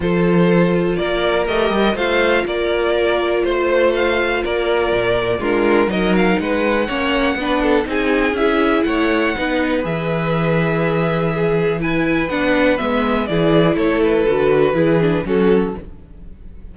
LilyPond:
<<
  \new Staff \with { instrumentName = "violin" } { \time 4/4 \tempo 4 = 122 c''2 d''4 dis''4 | f''4 d''2 c''4 | f''4 d''2 ais'4 | dis''8 f''8 fis''2. |
gis''4 e''4 fis''2 | e''1 | gis''4 fis''4 e''4 d''4 | cis''8 b'2~ b'8 a'4 | }
  \new Staff \with { instrumentName = "violin" } { \time 4/4 a'2 ais'2 | c''4 ais'2 c''4~ | c''4 ais'2 f'4 | ais'4 b'4 cis''4 b'8 a'8 |
gis'2 cis''4 b'4~ | b'2. gis'4 | b'2. gis'4 | a'2 gis'4 fis'4 | }
  \new Staff \with { instrumentName = "viola" } { \time 4/4 f'2. g'4 | f'1~ | f'2. d'4 | dis'2 cis'4 d'4 |
dis'4 e'2 dis'4 | gis'1 | e'4 d'4 b4 e'4~ | e'4 fis'4 e'8 d'8 cis'4 | }
  \new Staff \with { instrumentName = "cello" } { \time 4/4 f2 ais4 a8 g8 | a4 ais2 a4~ | a4 ais4 ais,4 gis4 | fis4 gis4 ais4 b4 |
c'4 cis'4 a4 b4 | e1~ | e4 b4 gis4 e4 | a4 d4 e4 fis4 | }
>>